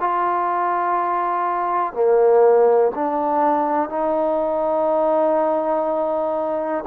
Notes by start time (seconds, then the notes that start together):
0.00 F4
1.93 A#3
2.95 D4
3.89 D#4